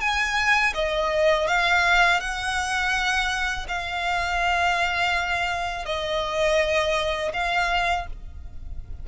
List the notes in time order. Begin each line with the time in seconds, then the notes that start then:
0.00 G#5
0.74 D#5
1.47 F5
2.20 F#5
3.68 F5
5.85 D#5
7.33 F5